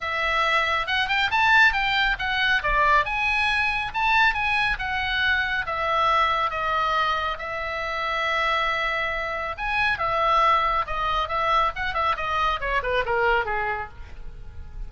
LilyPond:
\new Staff \with { instrumentName = "oboe" } { \time 4/4 \tempo 4 = 138 e''2 fis''8 g''8 a''4 | g''4 fis''4 d''4 gis''4~ | gis''4 a''4 gis''4 fis''4~ | fis''4 e''2 dis''4~ |
dis''4 e''2.~ | e''2 gis''4 e''4~ | e''4 dis''4 e''4 fis''8 e''8 | dis''4 cis''8 b'8 ais'4 gis'4 | }